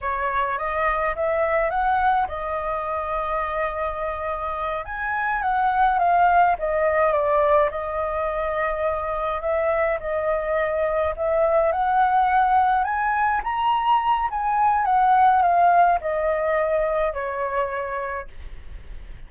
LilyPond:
\new Staff \with { instrumentName = "flute" } { \time 4/4 \tempo 4 = 105 cis''4 dis''4 e''4 fis''4 | dis''1~ | dis''8 gis''4 fis''4 f''4 dis''8~ | dis''8 d''4 dis''2~ dis''8~ |
dis''8 e''4 dis''2 e''8~ | e''8 fis''2 gis''4 ais''8~ | ais''4 gis''4 fis''4 f''4 | dis''2 cis''2 | }